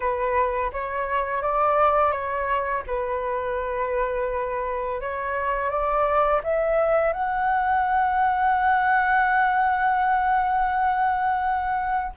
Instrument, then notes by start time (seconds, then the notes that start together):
flute
0.00 B4
0.72 C#5
1.42 D5
2.11 C#5
2.86 B4
5.01 C#5
5.69 D5
6.43 E5
7.12 F#5